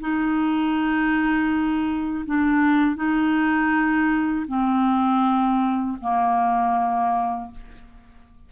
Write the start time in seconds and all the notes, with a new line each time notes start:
0.00 D#4
2.26 D4
2.96 D#4
4.48 C4
6.01 A#3